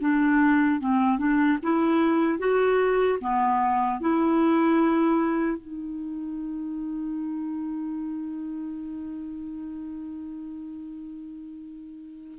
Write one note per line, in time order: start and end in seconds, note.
0.00 0.80 D4
0.80 1.18 C4
1.18 1.58 D4
1.62 2.39 E4
2.39 3.19 F#4
3.20 4.00 B3
4.00 5.58 E4
5.58 12.38 D#4